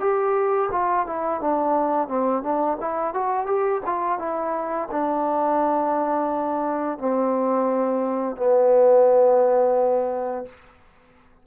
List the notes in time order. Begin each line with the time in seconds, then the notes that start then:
0.00 G4
0.72 F4
1.07 E4
1.41 D4
2.08 C4
2.43 D4
2.80 E4
3.14 F#4
3.46 G4
3.85 F4
4.19 E4
4.91 D4
6.98 C4
8.36 B3